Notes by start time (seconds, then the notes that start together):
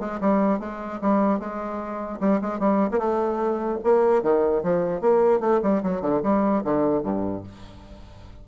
0.00 G#3
0.21 G3
0.60 G#3
1.01 G3
1.39 G#3
2.21 G3
2.42 G#3
2.60 G3
2.92 A#3
2.99 A3
3.84 A#3
4.23 D#3
4.63 F3
5.01 A#3
5.41 A3
5.63 G3
5.83 F#3
6.02 D3
6.23 G3
6.64 D3
7.03 G2